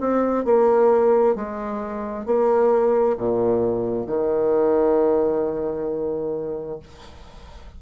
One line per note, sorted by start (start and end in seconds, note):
0.00 0.44 C4
0.44 1.35 A#3
1.35 2.26 G#3
2.26 3.17 A#3
3.17 4.06 A#2
4.06 6.79 D#3